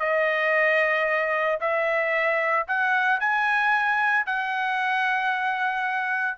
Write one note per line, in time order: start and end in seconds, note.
0.00 1.59 D#5
1.61 2.67 E5
2.68 3.20 F#5
3.20 4.26 G#5
4.26 6.38 F#5